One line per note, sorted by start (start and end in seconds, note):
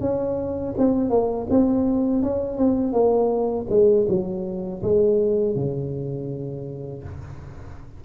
0.00 0.74 C#4
0.78 1.10 C4
1.10 1.47 A#3
1.50 2.23 C4
2.23 2.58 C#4
2.58 2.93 C4
2.93 3.67 A#3
3.69 4.06 G#3
4.08 4.82 F#3
4.82 5.55 G#3
5.55 7.03 C#3